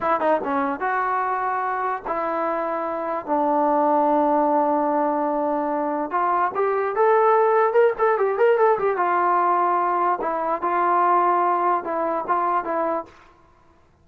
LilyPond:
\new Staff \with { instrumentName = "trombone" } { \time 4/4 \tempo 4 = 147 e'8 dis'8 cis'4 fis'2~ | fis'4 e'2. | d'1~ | d'2. f'4 |
g'4 a'2 ais'8 a'8 | g'8 ais'8 a'8 g'8 f'2~ | f'4 e'4 f'2~ | f'4 e'4 f'4 e'4 | }